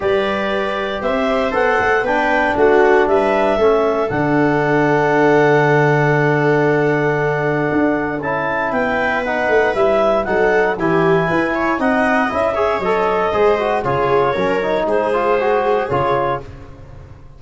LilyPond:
<<
  \new Staff \with { instrumentName = "clarinet" } { \time 4/4 \tempo 4 = 117 d''2 e''4 fis''4 | g''4 fis''4 e''2 | fis''1~ | fis''1 |
a''4 g''4 fis''4 e''4 | fis''4 gis''2 fis''4 | e''4 dis''2 cis''4~ | cis''4 c''2 cis''4 | }
  \new Staff \with { instrumentName = "viola" } { \time 4/4 b'2 c''2 | b'4 fis'4 b'4 a'4~ | a'1~ | a'1~ |
a'4 b'2. | a'4 g'4 b'8 cis''8 dis''4~ | dis''8 cis''4. c''4 gis'4 | ais'4 gis'2. | }
  \new Staff \with { instrumentName = "trombone" } { \time 4/4 g'2. a'4 | d'2. cis'4 | d'1~ | d'1 |
e'2 dis'4 e'4 | dis'4 e'2 dis'4 | e'8 gis'8 a'4 gis'8 fis'8 f'4 | cis'8 dis'4 f'8 fis'4 f'4 | }
  \new Staff \with { instrumentName = "tuba" } { \time 4/4 g2 c'4 b8 a8 | b4 a4 g4 a4 | d1~ | d2. d'4 |
cis'4 b4. a8 g4 | fis4 e4 e'4 c'4 | cis'4 fis4 gis4 cis4 | fis4 gis2 cis4 | }
>>